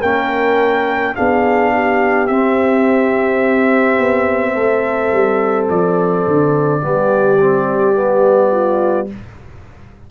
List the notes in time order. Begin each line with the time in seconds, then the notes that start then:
0.00 A#3 C#4 A#4 G5
1.15 B3 D4 G#4 F5
1.73 G4
2.27 C4 E5
3.98 B3
4.54 A3 A4
5.12 G3
5.69 F3 D5
6.27 D3
6.81 G3 B3 G4
7.40 C4
7.93 B3
8.51 F4